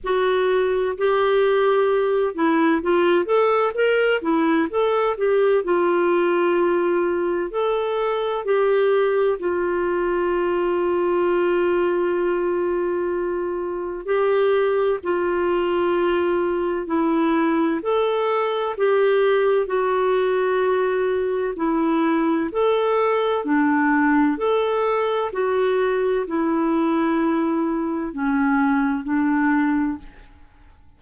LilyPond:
\new Staff \with { instrumentName = "clarinet" } { \time 4/4 \tempo 4 = 64 fis'4 g'4. e'8 f'8 a'8 | ais'8 e'8 a'8 g'8 f'2 | a'4 g'4 f'2~ | f'2. g'4 |
f'2 e'4 a'4 | g'4 fis'2 e'4 | a'4 d'4 a'4 fis'4 | e'2 cis'4 d'4 | }